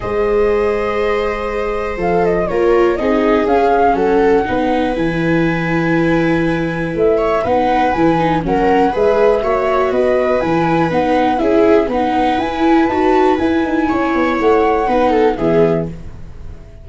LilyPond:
<<
  \new Staff \with { instrumentName = "flute" } { \time 4/4 \tempo 4 = 121 dis''1 | f''8 dis''8 cis''4 dis''4 f''4 | fis''2 gis''2~ | gis''2 e''4 fis''4 |
gis''4 fis''4 e''2 | dis''4 gis''4 fis''4 e''4 | fis''4 gis''4 a''4 gis''4~ | gis''4 fis''2 e''4 | }
  \new Staff \with { instrumentName = "viola" } { \time 4/4 c''1~ | c''4 ais'4 gis'2 | a'4 b'2.~ | b'2~ b'8 cis''8 b'4~ |
b'4 ais'4 b'4 cis''4 | b'2. gis'4 | b'1 | cis''2 b'8 a'8 gis'4 | }
  \new Staff \with { instrumentName = "viola" } { \time 4/4 gis'1 | a'4 f'4 dis'4 cis'4~ | cis'4 dis'4 e'2~ | e'2. dis'4 |
e'8 dis'8 cis'4 gis'4 fis'4~ | fis'4 e'4 dis'4 e'4 | dis'4 e'4 fis'4 e'4~ | e'2 dis'4 b4 | }
  \new Staff \with { instrumentName = "tuba" } { \time 4/4 gis1 | f4 ais4 c'4 cis'4 | fis4 b4 e2~ | e2 a4 b4 |
e4 fis4 gis4 ais4 | b4 e4 b4 cis'4 | b4 e'4 dis'4 e'8 dis'8 | cis'8 b8 a4 b4 e4 | }
>>